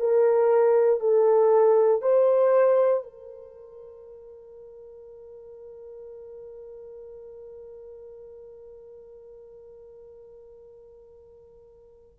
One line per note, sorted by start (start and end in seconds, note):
0.00 1.00 A#4
1.00 2.02 A4
2.02 3.04 C5
3.04 12.19 A#4